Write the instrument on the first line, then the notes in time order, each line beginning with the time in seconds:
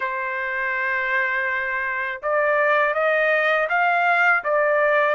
trumpet
0.00 C5
2.22 D5
2.94 D#5
3.69 F5
4.44 D5